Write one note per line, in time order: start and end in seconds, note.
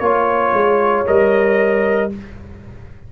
0.00 0.52 A#3
0.00 1.06 F4
0.00 1.03 C#5
0.00 2.10 C#5
0.53 1.04 G#3
1.06 2.12 G3
1.06 2.10 A#4
1.06 2.11 D#5